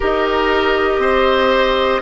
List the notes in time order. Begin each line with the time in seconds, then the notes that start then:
0.00 D#4 G4 A#4 D#5
0.98 C4 C5